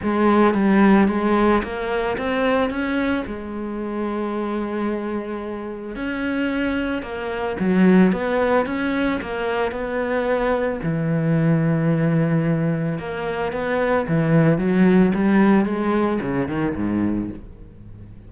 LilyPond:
\new Staff \with { instrumentName = "cello" } { \time 4/4 \tempo 4 = 111 gis4 g4 gis4 ais4 | c'4 cis'4 gis2~ | gis2. cis'4~ | cis'4 ais4 fis4 b4 |
cis'4 ais4 b2 | e1 | ais4 b4 e4 fis4 | g4 gis4 cis8 dis8 gis,4 | }